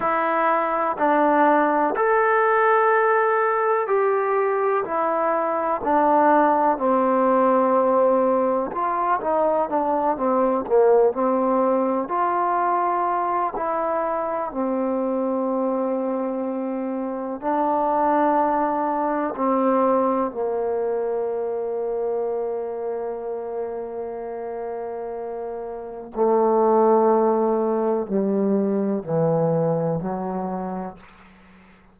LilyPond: \new Staff \with { instrumentName = "trombone" } { \time 4/4 \tempo 4 = 62 e'4 d'4 a'2 | g'4 e'4 d'4 c'4~ | c'4 f'8 dis'8 d'8 c'8 ais8 c'8~ | c'8 f'4. e'4 c'4~ |
c'2 d'2 | c'4 ais2.~ | ais2. a4~ | a4 g4 e4 fis4 | }